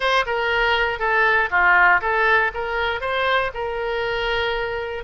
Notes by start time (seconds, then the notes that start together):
0.00 C5
0.26 A#4
0.99 A4
1.50 F4
2.01 A4
2.53 A#4
3.00 C5
3.54 A#4